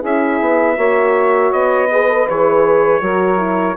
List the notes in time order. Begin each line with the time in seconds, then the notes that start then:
0.00 C#4 E4 G#4 E5
0.41 B3
0.77 A#3 F#4 C#5
1.53 B3 D#5
1.90 G#4 B4
2.09 A4
2.29 E3 G#4 C#5
3.01 F#3 F#4 A#4
3.38 E4